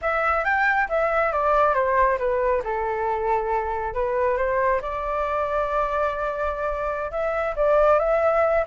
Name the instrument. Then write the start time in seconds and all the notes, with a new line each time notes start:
flute
0.01 E5
0.44 G5
0.88 E5
1.32 D5
1.74 C5
2.18 B4
2.64 A4
3.94 B4
4.37 C5
4.81 D5
7.11 E5
7.56 D5
7.99 E5